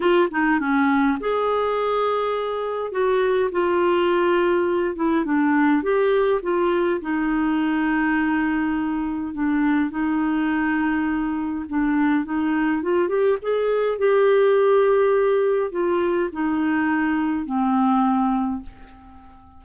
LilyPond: \new Staff \with { instrumentName = "clarinet" } { \time 4/4 \tempo 4 = 103 f'8 dis'8 cis'4 gis'2~ | gis'4 fis'4 f'2~ | f'8 e'8 d'4 g'4 f'4 | dis'1 |
d'4 dis'2. | d'4 dis'4 f'8 g'8 gis'4 | g'2. f'4 | dis'2 c'2 | }